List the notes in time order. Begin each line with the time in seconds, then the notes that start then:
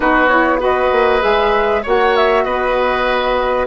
0.00 B3 D#4 F#4 B4
0.28 E4 C#5
0.59 F#4 B4 D#5
0.92 A#3
1.20 G#3 G#4 E5
1.82 A#3 F#4 C#5 F#5
2.16 E5
2.44 B3 B4 D#5